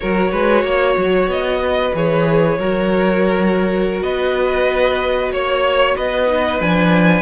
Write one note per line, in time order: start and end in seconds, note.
0.00 0.32 F#3
0.00 1.94 F#4
0.00 0.31 A#4
0.00 1.27 C#5
0.31 0.63 G#3
0.31 0.63 B4
0.63 0.95 A#3
0.63 1.61 C#5
0.97 1.27 F#3
1.27 1.91 B3
1.27 1.95 D#5
1.63 2.58 B4
1.94 2.58 E3
1.94 2.58 G#4
1.94 4.02 C#5
2.58 4.01 F#3
2.58 6.26 F#4
2.58 4.03 A#4
4.01 5.31 B3
4.01 5.31 B4
4.01 5.31 D#5
5.31 5.96 A#3
5.31 5.95 C#5
5.31 5.96 C#5
5.95 6.60 B3
5.95 7.22 B4
5.95 6.61 D#5
6.26 6.59 D#4
6.60 7.22 F3
6.60 7.22 D4
6.60 7.22 G#5